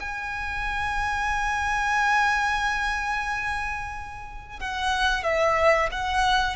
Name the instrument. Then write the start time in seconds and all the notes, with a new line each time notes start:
violin
0.00 G#5
4.60 F#5
5.24 E5
5.92 F#5